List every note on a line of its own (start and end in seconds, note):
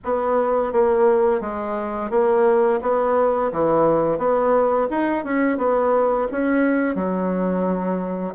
0.04 0.72 B3
0.72 1.40 A#3
1.40 2.10 G#3
2.10 2.80 A#3
2.82 3.51 B3
3.51 4.18 E3
4.18 4.87 B3
4.90 5.24 D#4
5.24 5.57 C#4
5.57 6.27 B3
6.31 6.95 C#4
6.95 8.34 F#3